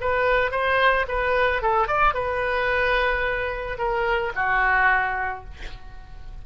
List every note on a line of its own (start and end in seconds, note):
0.00 0.51 B4
0.51 1.06 C5
1.08 1.62 B4
1.62 1.87 A4
1.87 2.14 D5
2.14 3.77 B4
3.77 4.32 A#4
4.35 5.44 F#4